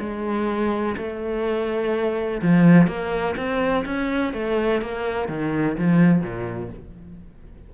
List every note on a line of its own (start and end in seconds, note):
0.00 0.96 G#3
0.98 2.42 A3
2.42 2.88 F3
2.88 3.36 A#3
3.37 3.85 C4
3.86 4.34 C#4
4.34 4.82 A3
4.82 5.29 A#3
5.29 5.77 D#3
5.78 6.22 F3
6.22 6.70 A#2